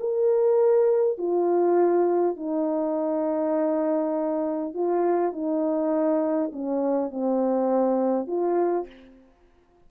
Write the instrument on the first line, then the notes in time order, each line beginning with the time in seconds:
horn
0.00 A#4
1.18 F4
2.36 D#4
4.74 F4
5.32 D#4
6.53 C#4
7.11 C4
8.27 F4